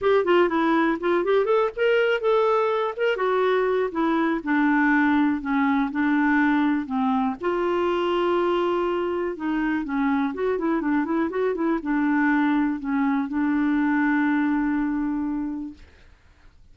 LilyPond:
\new Staff \with { instrumentName = "clarinet" } { \time 4/4 \tempo 4 = 122 g'8 f'8 e'4 f'8 g'8 a'8 ais'8~ | ais'8 a'4. ais'8 fis'4. | e'4 d'2 cis'4 | d'2 c'4 f'4~ |
f'2. dis'4 | cis'4 fis'8 e'8 d'8 e'8 fis'8 e'8 | d'2 cis'4 d'4~ | d'1 | }